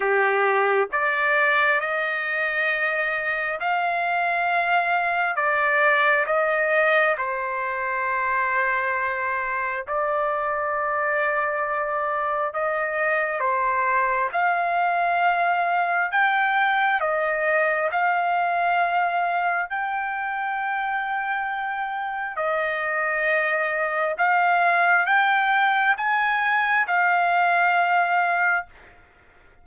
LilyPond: \new Staff \with { instrumentName = "trumpet" } { \time 4/4 \tempo 4 = 67 g'4 d''4 dis''2 | f''2 d''4 dis''4 | c''2. d''4~ | d''2 dis''4 c''4 |
f''2 g''4 dis''4 | f''2 g''2~ | g''4 dis''2 f''4 | g''4 gis''4 f''2 | }